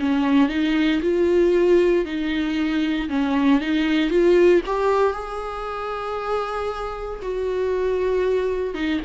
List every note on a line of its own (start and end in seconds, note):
0.00 0.49 C#4
0.49 1.01 D#4
1.03 2.05 F4
2.05 3.09 D#4
3.09 3.61 C#4
3.61 4.10 D#4
4.10 4.62 F4
4.66 5.13 G4
5.13 7.20 G#4
7.22 8.75 F#4
8.75 9.00 D#4